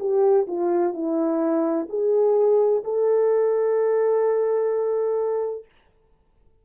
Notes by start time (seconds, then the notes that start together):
0.00 G4
0.48 F4
0.94 E4
1.90 G#4
2.84 A4